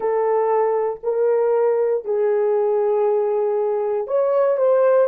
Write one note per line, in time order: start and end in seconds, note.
0.00 1.00 A4
1.03 2.04 A#4
2.04 4.07 G#4
4.07 4.57 C#5
4.57 5.08 C5